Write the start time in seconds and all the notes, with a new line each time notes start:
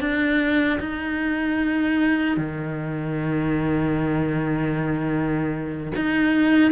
0.00 D4
0.80 D#4
2.37 D#3
5.95 D#4